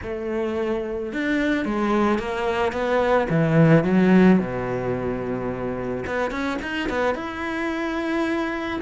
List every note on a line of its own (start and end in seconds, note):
0.02 1.12 A3
1.13 1.65 D4
1.65 2.18 G#3
2.18 2.72 A#3
2.72 3.27 B3
3.29 3.84 E3
3.84 4.39 F#3
4.39 6.04 B2
6.06 6.30 B3
6.30 6.58 C#4
6.62 6.89 D#4
6.89 7.15 B3
7.15 8.80 E4